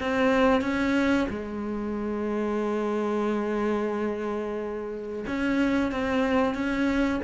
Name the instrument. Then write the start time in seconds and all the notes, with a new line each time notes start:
cello
0.00 C4
0.61 C#4
1.29 G#3
5.27 C#4
5.91 C4
6.55 C#4